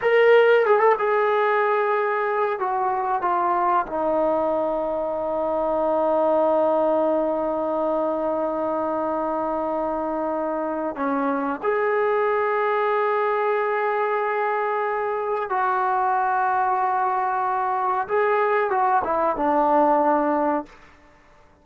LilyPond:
\new Staff \with { instrumentName = "trombone" } { \time 4/4 \tempo 4 = 93 ais'4 gis'16 a'16 gis'2~ gis'8 | fis'4 f'4 dis'2~ | dis'1~ | dis'1~ |
dis'4 cis'4 gis'2~ | gis'1 | fis'1 | gis'4 fis'8 e'8 d'2 | }